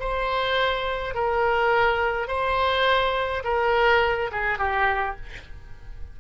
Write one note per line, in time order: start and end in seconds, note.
0.00 1.14 C5
1.14 2.28 A#4
2.28 3.43 C5
3.44 4.31 A#4
4.32 4.59 G#4
4.59 5.16 G4